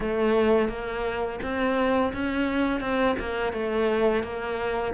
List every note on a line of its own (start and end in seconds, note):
0.00 0.69 A3
0.69 1.39 A#3
1.42 2.12 C4
2.13 2.80 C#4
2.80 3.15 C4
3.19 3.52 A#3
3.52 4.23 A3
4.23 4.93 A#3